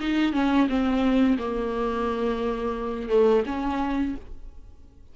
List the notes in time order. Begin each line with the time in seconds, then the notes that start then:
0.00 D#4
0.33 C#4
0.69 C4
1.39 A#3
3.09 A3
3.46 C#4